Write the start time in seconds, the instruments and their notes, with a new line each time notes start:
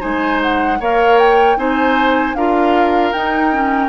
0.00 bassoon G#3, clarinet D#4, oboe C5, flute G#5
0.42 flute F#5
0.80 bassoon A#3, clarinet A#4, oboe C#5, flute F5
1.19 flute G5
1.57 bassoon C4, clarinet D#4, oboe C5, flute G#5
2.35 bassoon D4, clarinet F4, oboe A#4, flute F5
3.12 bassoon D#4, clarinet D#4, flute G5
3.52 clarinet C#4